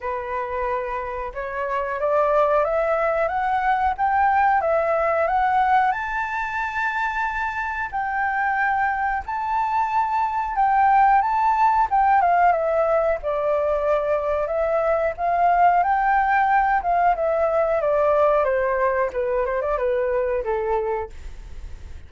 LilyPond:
\new Staff \with { instrumentName = "flute" } { \time 4/4 \tempo 4 = 91 b'2 cis''4 d''4 | e''4 fis''4 g''4 e''4 | fis''4 a''2. | g''2 a''2 |
g''4 a''4 g''8 f''8 e''4 | d''2 e''4 f''4 | g''4. f''8 e''4 d''4 | c''4 b'8 c''16 d''16 b'4 a'4 | }